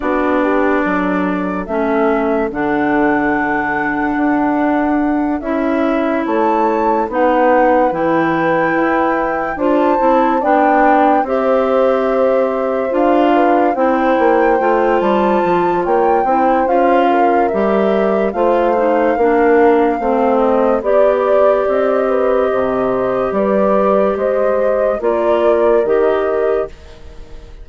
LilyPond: <<
  \new Staff \with { instrumentName = "flute" } { \time 4/4 \tempo 4 = 72 d''2 e''4 fis''4~ | fis''2~ fis''8 e''4 a''8~ | a''8 fis''4 g''2 a''8~ | a''8 g''4 e''2 f''8~ |
f''8 g''4. a''4 g''4 | f''4 e''4 f''2~ | f''8 dis''8 d''4 dis''2 | d''4 dis''4 d''4 dis''4 | }
  \new Staff \with { instrumentName = "horn" } { \time 4/4 fis'8 g'8 a'2.~ | a'2.~ a'8 cis''8~ | cis''8 b'2. c''8~ | c''8 d''4 c''2~ c''8 |
b'8 c''2~ c''8 cis''8 c''8~ | c''8 ais'4. c''4 ais'4 | c''4 d''4. b'8 c''4 | b'4 c''4 ais'2 | }
  \new Staff \with { instrumentName = "clarinet" } { \time 4/4 d'2 cis'4 d'4~ | d'2~ d'8 e'4.~ | e'8 dis'4 e'2 f'8 | e'8 d'4 g'2 f'8~ |
f'8 e'4 f'2 e'8 | f'4 g'4 f'8 dis'8 d'4 | c'4 g'2.~ | g'2 f'4 g'4 | }
  \new Staff \with { instrumentName = "bassoon" } { \time 4/4 b4 fis4 a4 d4~ | d4 d'4. cis'4 a8~ | a8 b4 e4 e'4 d'8 | c'8 b4 c'2 d'8~ |
d'8 c'8 ais8 a8 g8 f8 ais8 c'8 | cis'4 g4 a4 ais4 | a4 b4 c'4 c4 | g4 gis4 ais4 dis4 | }
>>